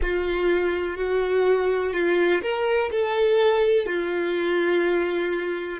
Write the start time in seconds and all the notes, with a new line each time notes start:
0.01 F4
0.97 F#4
1.93 F4
2.41 A#4
2.91 A4
3.86 F4